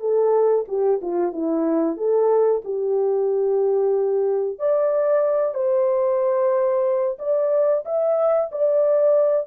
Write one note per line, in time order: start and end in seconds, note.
0.00 0.65 A4
0.68 1.00 G4
1.02 1.32 F4
1.32 1.97 E4
1.97 2.62 A4
2.64 4.59 G4
4.59 5.54 D5
5.54 7.17 C5
7.19 7.84 D5
7.85 8.50 E5
8.51 9.47 D5